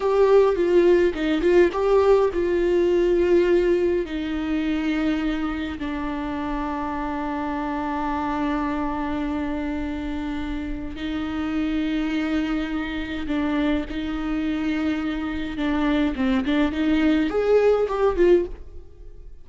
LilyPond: \new Staff \with { instrumentName = "viola" } { \time 4/4 \tempo 4 = 104 g'4 f'4 dis'8 f'8 g'4 | f'2. dis'4~ | dis'2 d'2~ | d'1~ |
d'2. dis'4~ | dis'2. d'4 | dis'2. d'4 | c'8 d'8 dis'4 gis'4 g'8 f'8 | }